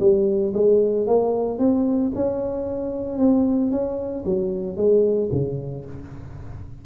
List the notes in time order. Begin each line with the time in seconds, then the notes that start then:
0.00 G3
0.54 G#3
1.07 A#3
1.59 C4
2.15 C#4
3.19 C4
3.71 C#4
4.26 F#3
4.77 G#3
5.32 C#3